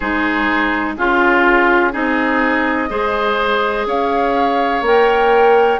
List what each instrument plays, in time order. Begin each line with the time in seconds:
0.00 bassoon G#3, clarinet D#4, oboe G#4, flute C5
0.96 bassoon C#4, clarinet F4, oboe F4, flute G#4
1.91 bassoon C4, clarinet D#4, oboe G#4, flute D#5
2.89 bassoon G#3, clarinet G#4, oboe C5
3.85 bassoon C#4, oboe C#5, flute F5
4.81 bassoon A#3, clarinet A#4, flute G5